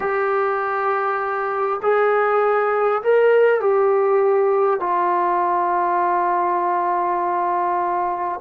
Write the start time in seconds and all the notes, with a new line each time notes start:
0.00 G4
1.82 G#4
3.03 A#4
3.60 G4
4.80 F4